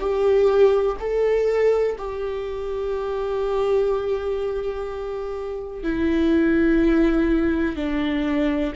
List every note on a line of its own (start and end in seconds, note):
0.00 0.97 G4
1.00 1.97 A4
1.98 5.83 G4
5.83 7.76 E4
7.76 8.73 D4